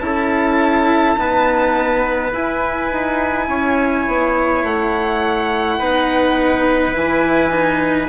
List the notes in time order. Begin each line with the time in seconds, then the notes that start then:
0.00 C#4 E4 A5
0.06 A4
1.16 B3 D#4 B4
2.32 E4 G#5
2.92 D#4
3.49 C#4 C#5
4.08 B3
4.63 A3 F#5
5.79 B3 D#4 B4
6.94 E3 E4 G#5
7.50 D#4